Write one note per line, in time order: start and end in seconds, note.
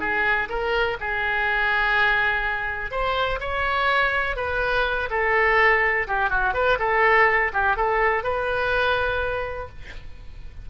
0.00 0.48 G#4
0.49 0.97 A#4
1.00 2.91 G#4
2.91 3.39 C5
3.40 4.36 C#5
4.36 5.09 B4
5.10 6.07 A4
6.07 6.29 G4
6.29 6.54 F#4
6.54 6.78 B4
6.79 7.52 A4
7.53 7.76 G4
7.76 8.23 A4
8.23 9.68 B4